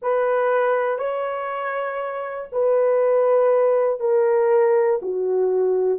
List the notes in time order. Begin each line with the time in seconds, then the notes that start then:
0.01 B4
0.98 C#5
2.51 B4
4.00 A#4
5.02 F#4